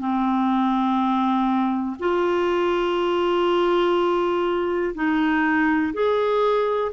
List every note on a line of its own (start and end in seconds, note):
0.00 1.97 C4
1.99 4.94 F4
4.95 5.93 D#4
5.94 6.92 G#4